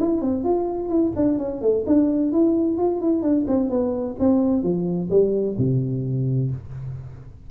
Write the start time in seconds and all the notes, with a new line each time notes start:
0.00 E4
0.22 C4
0.44 F4
0.89 E4
1.16 D4
1.38 C#4
1.62 A3
1.87 D4
2.33 E4
2.78 F4
3.01 E4
3.22 D4
3.48 C4
3.70 B3
4.20 C4
4.63 F3
5.11 G3
5.58 C3